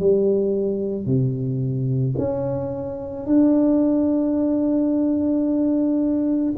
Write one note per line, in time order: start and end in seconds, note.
0.00 1.06 G3
1.06 2.15 C3
2.18 3.26 C#4
3.26 6.54 D4